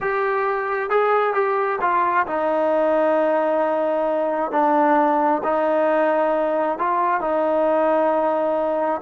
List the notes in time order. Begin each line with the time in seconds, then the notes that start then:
0.00 G4
0.90 G#4
1.33 G4
1.81 F4
2.26 D#4
4.51 D4
5.43 D#4
6.78 F4
7.20 D#4